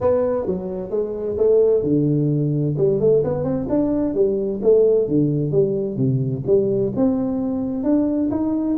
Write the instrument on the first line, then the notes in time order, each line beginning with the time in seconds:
tuba
0.01 B3
0.46 F#3
0.90 G#3
1.37 A3
1.83 D3
2.77 G3
3.00 A3
3.23 B3
3.43 C4
3.69 D4
4.14 G3
4.62 A3
5.08 D3
5.51 G3
5.96 C3
6.46 G3
6.96 C4
7.83 D4
8.31 D#4